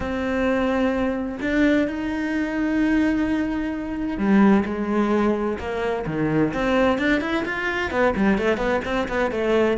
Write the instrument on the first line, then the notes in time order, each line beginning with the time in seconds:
cello
0.00 C4
1.41 D4
1.87 D#4
4.17 G3
4.65 G#3
5.58 A#3
6.06 D#3
6.53 C4
6.98 D4
7.21 E4
7.45 F4
7.90 B3
8.15 G3
8.37 A3
8.57 B3
8.84 C4
9.08 B3
9.31 A3